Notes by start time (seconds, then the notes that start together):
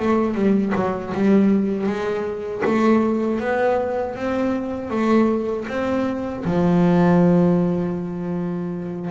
0.00 A3
0.35 G3
0.76 F#3
1.15 G3
1.87 G#3
2.65 A3
3.40 B3
4.16 C4
4.91 A3
5.69 C4
6.45 F3